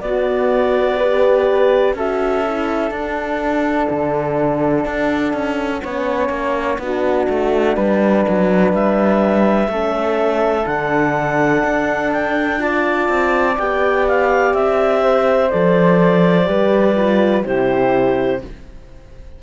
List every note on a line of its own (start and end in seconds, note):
0.00 1.94 B3
0.00 0.99 B3
0.00 0.97 F#4
0.00 1.94 D5
0.97 1.96 G4
0.97 1.94 B4
1.94 2.90 C#4
1.94 2.45 F#4
1.94 5.83 A4
1.94 2.93 E5
2.45 2.89 E4
2.89 5.80 D4
2.89 3.87 D4
2.89 8.73 F#5
3.90 4.85 D3
4.85 5.33 D4
5.33 5.81 C#4
5.83 6.29 B3
5.83 6.79 C#4
5.83 6.79 C#5
6.29 6.77 A#3
6.78 7.26 B3
6.78 9.69 D4
6.78 7.75 F#4
7.29 7.76 A3
7.75 8.25 G3
7.75 9.68 B4
8.28 8.72 F#3
8.72 9.68 G3
8.72 10.66 E5
9.68 10.64 A3
9.68 10.62 C#4
9.68 12.61 A4
10.62 11.63 D3
10.62 12.55 D4
10.62 12.11 F#5
11.64 13.08 D4
12.12 12.60 G5
12.58 13.55 F4
12.58 15.03 D5
12.58 13.57 A5
13.08 13.56 C4
13.57 14.53 B3
13.57 15.50 G4
13.57 14.06 G5
14.07 14.54 F5
14.53 15.50 C4
14.53 15.49 E5
15.03 16.48 C5
15.49 16.47 F3
15.49 16.45 A4
15.49 17.43 D5
16.45 17.44 G3
16.45 16.93 G4
16.45 17.44 B4
16.96 17.44 F4
17.44 18.41 C3
17.44 18.41 E4
17.44 18.42 G4
17.44 18.41 C5